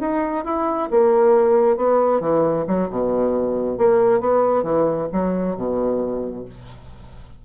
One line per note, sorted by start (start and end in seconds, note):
0.00 0.44 D#4
0.44 0.89 E4
0.90 1.77 A#3
1.77 2.20 B3
2.20 2.65 E3
2.67 2.89 F#3
2.89 3.78 B2
3.78 4.20 A#3
4.20 4.63 B3
4.63 5.07 E3
5.12 5.56 F#3
5.56 6.45 B2